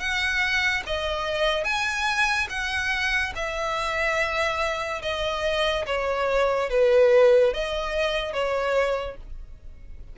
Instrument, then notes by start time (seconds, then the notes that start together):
violin
0.00 F#5
0.87 D#5
1.65 G#5
2.50 F#5
3.36 E5
5.02 D#5
5.87 C#5
6.70 B4
7.54 D#5
8.34 C#5